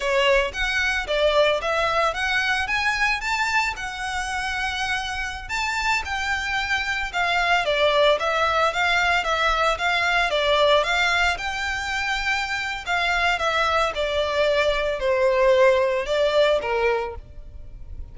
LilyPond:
\new Staff \with { instrumentName = "violin" } { \time 4/4 \tempo 4 = 112 cis''4 fis''4 d''4 e''4 | fis''4 gis''4 a''4 fis''4~ | fis''2~ fis''16 a''4 g''8.~ | g''4~ g''16 f''4 d''4 e''8.~ |
e''16 f''4 e''4 f''4 d''8.~ | d''16 f''4 g''2~ g''8. | f''4 e''4 d''2 | c''2 d''4 ais'4 | }